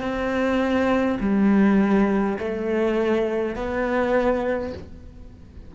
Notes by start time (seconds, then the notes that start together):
0.00 C4
1.20 G3
2.39 A3
3.56 B3